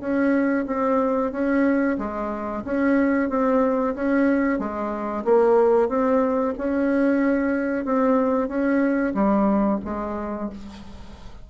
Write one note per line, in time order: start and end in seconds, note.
0.00 0.65 C#4
0.66 1.32 C4
1.32 1.97 C#4
1.98 2.63 G#3
2.64 3.29 C#4
3.29 3.95 C4
3.95 4.59 C#4
4.59 5.24 G#3
5.24 5.88 A#3
5.88 6.54 C4
6.58 7.85 C#4
7.85 8.48 C4
8.48 9.13 C#4
9.14 9.79 G3
9.84 10.49 G#3